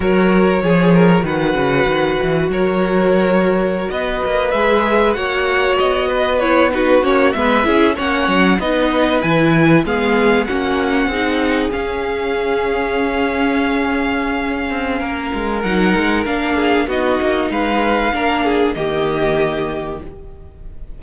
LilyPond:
<<
  \new Staff \with { instrumentName = "violin" } { \time 4/4 \tempo 4 = 96 cis''2 fis''2 | cis''2~ cis''16 dis''4 e''8.~ | e''16 fis''4 dis''4 cis''8 b'8 cis''8 e''16~ | e''8. fis''4 dis''4 gis''4 f''16~ |
f''8. fis''2 f''4~ f''16~ | f''1~ | f''4 fis''4 f''4 dis''4 | f''2 dis''2 | }
  \new Staff \with { instrumentName = "violin" } { \time 4/4 ais'4 gis'8 ais'8 b'2 | ais'2~ ais'16 b'4.~ b'16~ | b'16 cis''4. b'4 fis'4 b'16~ | b'16 gis'8 cis''4 b'2 gis'16~ |
gis'8. fis'4 gis'2~ gis'16~ | gis'1 | ais'2~ ais'8 gis'8 fis'4 | b'4 ais'8 gis'8 g'2 | }
  \new Staff \with { instrumentName = "viola" } { \time 4/4 fis'4 gis'4 fis'2~ | fis'2.~ fis'16 gis'8.~ | gis'16 fis'2 e'8 dis'8 cis'8 b16~ | b16 e'8 cis'4 dis'4 e'4 b16~ |
b8. cis'4 dis'4 cis'4~ cis'16~ | cis'1~ | cis'4 dis'4 d'4 dis'4~ | dis'4 d'4 ais2 | }
  \new Staff \with { instrumentName = "cello" } { \time 4/4 fis4 f4 dis8 cis8 dis8 e8 | fis2~ fis16 b8 ais8 gis8.~ | gis16 ais4 b2 ais8 gis16~ | gis16 cis'8 ais8 fis8 b4 e4 gis16~ |
gis8. ais4 c'4 cis'4~ cis'16~ | cis'2.~ cis'8 c'8 | ais8 gis8 fis8 gis8 ais4 b8 ais8 | gis4 ais4 dis2 | }
>>